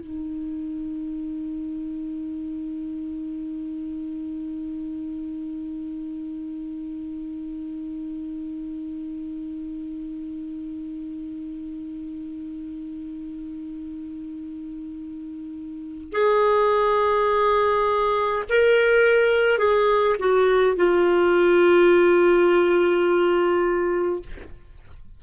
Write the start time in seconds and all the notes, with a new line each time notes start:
0.00 D#4
16.13 G#4
18.49 A#4
19.58 G#4
20.20 F#4
20.77 F4